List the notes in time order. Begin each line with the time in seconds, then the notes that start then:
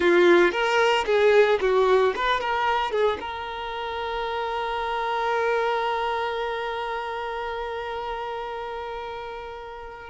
0.00 F4
0.51 A#4
1.05 G#4
1.60 F#4
2.15 B4
2.40 A#4
2.91 G#4
3.20 A#4